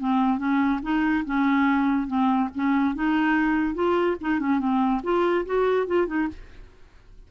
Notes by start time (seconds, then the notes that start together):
0.00 C4
0.38 C#4
0.83 D#4
1.25 C#4
2.07 C4
2.55 C#4
2.95 D#4
3.75 F4
4.21 D#4
4.40 C#4
4.60 C4
5.03 F4
5.46 F#4
5.87 F4
6.07 D#4